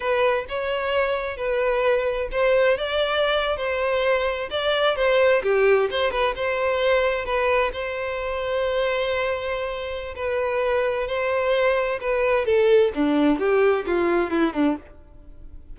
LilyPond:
\new Staff \with { instrumentName = "violin" } { \time 4/4 \tempo 4 = 130 b'4 cis''2 b'4~ | b'4 c''4 d''4.~ d''16 c''16~ | c''4.~ c''16 d''4 c''4 g'16~ | g'8. c''8 b'8 c''2 b'16~ |
b'8. c''2.~ c''16~ | c''2 b'2 | c''2 b'4 a'4 | d'4 g'4 f'4 e'8 d'8 | }